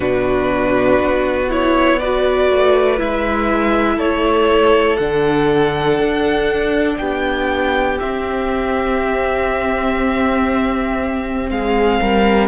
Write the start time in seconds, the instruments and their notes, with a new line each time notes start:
0.00 cello B2, viola D4, violin F#4 B4
1.00 cello B3
1.49 viola E4, violin C#5
1.99 viola F#4, violin B4 D5
2.50 cello A3
2.97 cello G#3, viola E4, violin E5
3.96 cello A3, violin A4 C#5
4.96 cello D3, viola D4, violin F#5
5.99 cello D4
6.97 cello B3, violin G4 G5
7.99 viola C4, cello C4, violin E5
11.50 cello G#3, violin G#4 F5
12.00 cello G3, violin A#4